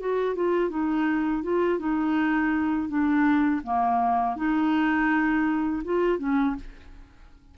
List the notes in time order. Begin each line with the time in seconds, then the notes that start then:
0.00 F#4
0.35 F4
0.70 D#4
1.43 F4
1.79 D#4
2.88 D4
3.64 A#3
4.36 D#4
5.84 F4
6.19 C#4